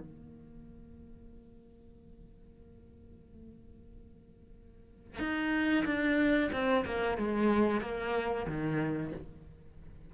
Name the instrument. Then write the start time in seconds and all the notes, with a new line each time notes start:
cello
0.00 A#3
5.19 D#4
5.85 D4
6.52 C4
6.85 A#3
7.17 G#3
7.81 A#3
8.47 D#3